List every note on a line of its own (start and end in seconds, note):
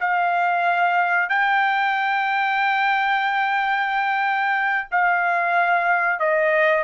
0.00 1.29 F5
1.29 4.88 G5
4.91 6.20 F5
6.20 6.83 D#5